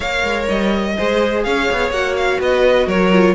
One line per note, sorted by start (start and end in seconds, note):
0.00 0.22 A#3
0.00 0.97 A#4
0.00 0.95 C#5
0.00 0.45 F5
0.23 0.47 G#3
0.48 0.96 G3
0.48 1.43 D#5
0.96 1.46 G#3
0.96 1.93 G#4
0.96 1.44 C5
1.43 1.70 C#4
1.43 2.40 C#5
1.43 1.91 F5
1.71 1.90 B3
1.90 2.38 A#3
1.90 3.12 F#4
1.90 2.15 F#5
2.16 2.40 F5
2.39 2.86 B3
2.39 2.86 B4
2.39 2.88 D#5
2.86 3.34 F#3
2.86 3.34 A#4
2.86 3.35 C#5
3.12 3.35 F4